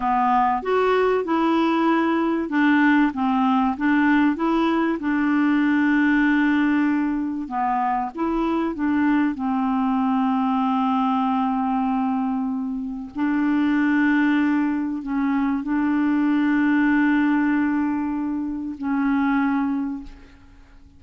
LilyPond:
\new Staff \with { instrumentName = "clarinet" } { \time 4/4 \tempo 4 = 96 b4 fis'4 e'2 | d'4 c'4 d'4 e'4 | d'1 | b4 e'4 d'4 c'4~ |
c'1~ | c'4 d'2. | cis'4 d'2.~ | d'2 cis'2 | }